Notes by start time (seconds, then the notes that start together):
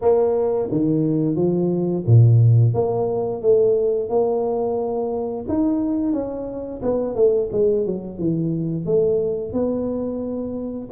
0.01 A#3
0.71 D#3
1.35 F3
2.06 A#2
2.73 A#3
3.42 A3
4.09 A#3
5.48 D#4
6.12 C#4
6.82 B3
7.15 A3
7.52 G#3
7.86 F#3
8.18 E3
8.85 A3
9.52 B3